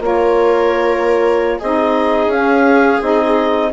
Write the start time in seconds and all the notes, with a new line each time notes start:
0.00 A#3 F4 A#4 C#5
1.59 C4 D#4 G#4 D#5
2.27 C#4 F5
3.01 C4 D#4 D#5